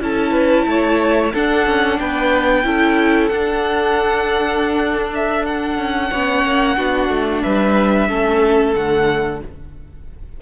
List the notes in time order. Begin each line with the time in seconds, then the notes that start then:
0.00 C#4 E4 A4 A5
0.31 B4
0.67 A3 C#5
1.33 D4 A4 F#5
1.66 C#4
1.99 B3 B4 G5
2.63 C#4 E4 A4
3.28 D4 F#5
5.14 E5
5.45 F#5
5.77 C#4
6.10 B3 C#4 C#5
6.44 A#3
6.76 B3 D4 F#4
7.09 A3
7.42 G3 B4 E5
8.08 A3 C#4 A4
8.75 D3 A3 F#5